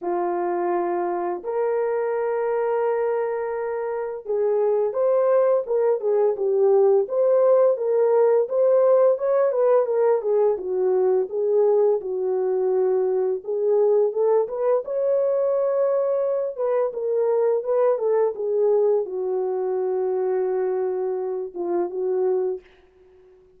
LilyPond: \new Staff \with { instrumentName = "horn" } { \time 4/4 \tempo 4 = 85 f'2 ais'2~ | ais'2 gis'4 c''4 | ais'8 gis'8 g'4 c''4 ais'4 | c''4 cis''8 b'8 ais'8 gis'8 fis'4 |
gis'4 fis'2 gis'4 | a'8 b'8 cis''2~ cis''8 b'8 | ais'4 b'8 a'8 gis'4 fis'4~ | fis'2~ fis'8 f'8 fis'4 | }